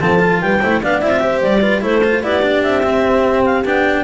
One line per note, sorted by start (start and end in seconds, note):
0.00 0.41 F3
0.00 0.19 C4
0.00 0.41 A4
0.00 0.41 A5
0.19 0.60 F4
0.41 0.62 G3
0.41 0.61 B4
0.41 0.81 G5
0.61 0.83 A3
0.61 0.82 E4
0.61 0.81 C5
0.82 1.02 B3
0.82 1.02 D4
0.82 1.21 D5
0.82 1.00 F5
1.00 1.42 C4
1.00 1.10 E4
1.00 1.41 E5
1.10 1.20 F4
1.20 1.60 G4
1.20 1.61 C5
1.42 1.83 G3
1.42 1.82 D5
1.61 1.81 F4
1.61 1.81 B4
1.81 2.23 A3
1.81 2.02 E4
1.81 2.23 A4
1.81 2.23 C5
2.04 2.23 F4
2.23 2.63 B3
2.23 2.42 E4
2.23 4.04 G4
2.23 2.62 D5
2.42 2.83 D4
2.62 3.65 C4
2.62 3.44 E5
2.83 3.64 C4
3.45 3.65 F5
3.65 4.04 B3
3.65 4.04 D4
3.65 4.04 G5